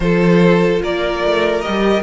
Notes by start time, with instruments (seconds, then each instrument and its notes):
0.00 cello F3, viola F4, violin A4 C5
0.82 cello A#3, violin A#4 D5
1.23 cello A3
1.61 viola G4, violin D#5
1.68 cello G3